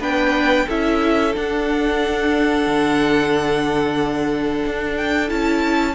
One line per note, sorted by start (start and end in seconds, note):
0.00 0.66 B3
0.00 0.66 D4
0.00 0.66 B4
0.00 0.69 G5
0.66 1.35 C#4
0.66 1.34 E4
0.66 5.94 A4
0.66 1.36 E5
1.34 5.28 D4
1.34 2.67 D4
1.34 4.97 F#5
2.67 4.65 D3
4.66 5.31 D4
4.97 5.30 G5
5.28 5.95 C#4
5.28 5.94 E4
5.28 5.95 A5